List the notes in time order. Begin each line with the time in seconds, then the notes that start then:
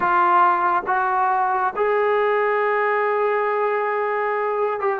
0.00 F4
0.86 F#4
1.75 G#4
4.80 G4